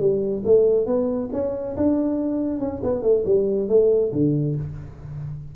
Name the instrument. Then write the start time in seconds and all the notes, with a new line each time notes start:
tuba
0.00 G3
0.46 A3
0.86 B3
1.33 C#4
1.77 D4
2.60 C#4
2.84 B3
3.03 A3
3.26 G3
3.69 A3
4.12 D3